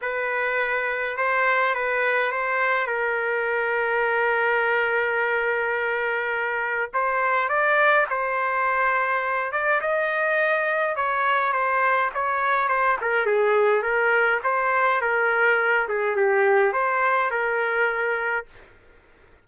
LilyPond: \new Staff \with { instrumentName = "trumpet" } { \time 4/4 \tempo 4 = 104 b'2 c''4 b'4 | c''4 ais'2.~ | ais'1 | c''4 d''4 c''2~ |
c''8 d''8 dis''2 cis''4 | c''4 cis''4 c''8 ais'8 gis'4 | ais'4 c''4 ais'4. gis'8 | g'4 c''4 ais'2 | }